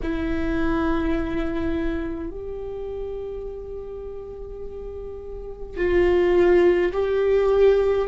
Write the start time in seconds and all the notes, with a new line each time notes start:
0.02 E4
2.30 G4
5.76 F4
6.92 G4